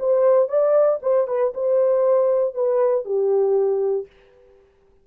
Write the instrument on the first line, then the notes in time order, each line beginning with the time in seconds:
horn
0.00 C5
0.49 D5
1.03 C5
1.28 B4
1.55 C5
2.55 B4
3.05 G4